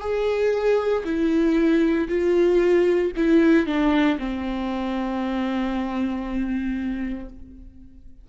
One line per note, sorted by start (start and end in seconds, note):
0.00 1.03 G#4
1.04 2.08 E4
2.08 3.11 F4
3.16 3.66 E4
3.66 4.18 D4
4.18 7.29 C4